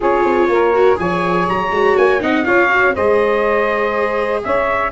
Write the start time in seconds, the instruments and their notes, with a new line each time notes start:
0.00 tuba C#4, viola F4, saxophone G#4, trumpet C#5
0.24 tuba C4
0.48 tuba A#3, saxophone A#4
0.74 viola F#4
0.95 tuba F3, viola G#4, saxophone C#5, trumpet G#5
1.48 tuba F#3, trumpet A#5
1.70 tuba G#3, viola F#4
1.97 tuba A#3, trumpet G#5
2.19 tuba C4, viola D#4, saxophone D#5, trumpet F#5
2.44 tuba C#4, viola F4, saxophone C#5, trumpet F5
2.69 viola F#4
2.94 tuba G#3, viola G#4, saxophone C5, trumpet D#5
4.43 tuba C#4, saxophone C#5, trumpet E5